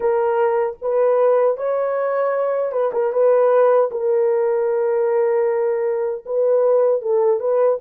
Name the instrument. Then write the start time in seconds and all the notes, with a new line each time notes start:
horn
0.00 A#4
0.81 B4
1.57 C#5
2.71 B4
2.93 A#4
3.12 B4
3.91 A#4
6.26 B4
7.01 A4
7.40 B4